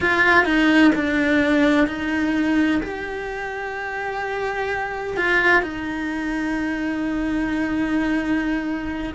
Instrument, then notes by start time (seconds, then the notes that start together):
cello
0.00 F4
0.44 D#4
0.95 D4
1.87 D#4
2.82 G4
5.16 F4
5.62 D#4